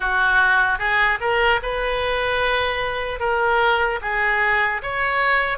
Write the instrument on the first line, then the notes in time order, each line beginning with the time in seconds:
oboe
0.00 F#4
0.78 G#4
1.20 A#4
1.62 B4
3.19 A#4
4.01 G#4
4.82 C#5